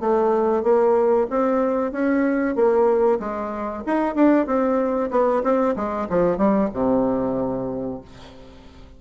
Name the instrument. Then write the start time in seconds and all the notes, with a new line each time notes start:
bassoon
0.00 A3
0.63 A#3
1.30 C4
1.92 C#4
2.56 A#3
3.20 G#3
3.86 D#4
4.15 D4
4.47 C4
5.11 B3
5.44 C4
5.76 G#3
6.10 F3
6.38 G3
6.74 C3